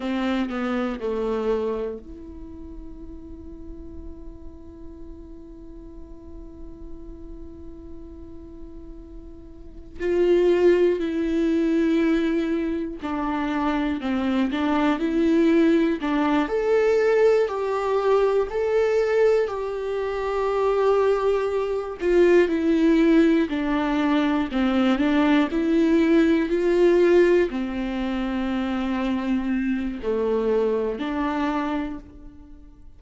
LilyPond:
\new Staff \with { instrumentName = "viola" } { \time 4/4 \tempo 4 = 60 c'8 b8 a4 e'2~ | e'1~ | e'2 f'4 e'4~ | e'4 d'4 c'8 d'8 e'4 |
d'8 a'4 g'4 a'4 g'8~ | g'2 f'8 e'4 d'8~ | d'8 c'8 d'8 e'4 f'4 c'8~ | c'2 a4 d'4 | }